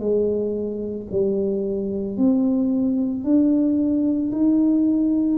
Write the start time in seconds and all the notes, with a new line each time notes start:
0.00 G#3
1.11 G3
2.17 C4
3.24 D4
4.31 D#4